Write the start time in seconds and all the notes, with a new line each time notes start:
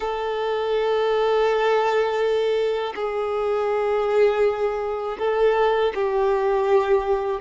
0.00 A4
2.95 G#4
5.19 A4
5.95 G4